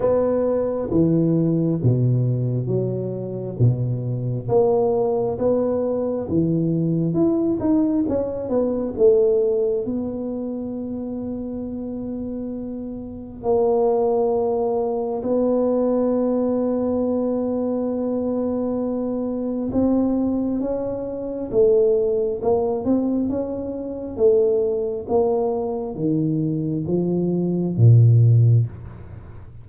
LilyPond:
\new Staff \with { instrumentName = "tuba" } { \time 4/4 \tempo 4 = 67 b4 e4 b,4 fis4 | b,4 ais4 b4 e4 | e'8 dis'8 cis'8 b8 a4 b4~ | b2. ais4~ |
ais4 b2.~ | b2 c'4 cis'4 | a4 ais8 c'8 cis'4 a4 | ais4 dis4 f4 ais,4 | }